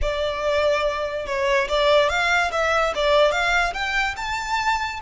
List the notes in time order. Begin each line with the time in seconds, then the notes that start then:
0.01 D5
1.26 C#5
1.68 D5
2.09 F5
2.51 E5
2.95 D5
3.31 F5
3.73 G5
4.16 A5